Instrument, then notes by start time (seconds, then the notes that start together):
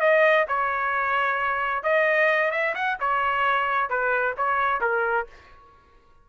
trumpet
0.00 D#5
0.48 C#5
1.83 D#5
2.51 E5
2.75 F#5
3.00 C#5
3.89 B4
4.37 C#5
4.81 A#4